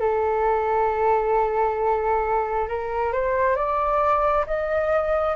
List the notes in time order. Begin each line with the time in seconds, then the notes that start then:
0.00 A4
2.68 A#4
3.13 C5
3.56 D5
4.47 D#5